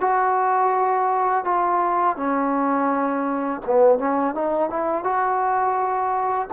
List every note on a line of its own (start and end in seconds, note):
0.00 1.44 F#4
1.44 2.16 F4
2.16 3.61 C#4
3.66 3.98 B3
3.98 4.34 C#4
4.34 4.70 D#4
4.70 5.03 E4
5.03 6.48 F#4